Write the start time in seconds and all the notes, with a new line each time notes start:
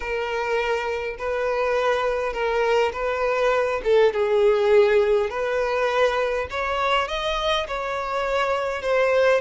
0.00 A#4
1.18 B4
2.33 A#4
2.93 B4
3.84 A4
4.13 G#4
5.29 B4
6.50 C#5
7.08 D#5
7.67 C#5
8.82 C5